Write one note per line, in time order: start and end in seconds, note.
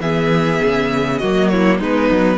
0.00 0.60 E3
0.00 1.22 B3
0.00 1.19 G#4
0.00 1.18 E5
0.64 1.22 C#3
1.18 1.80 F#3
1.18 1.81 A#3
1.18 1.49 F#4
1.18 1.48 D#5
1.48 1.78 E4
1.48 1.78 C#5
1.78 2.10 G#3
1.78 2.38 B3
1.78 2.38 D#4
1.78 2.38 B4
2.11 2.38 F#3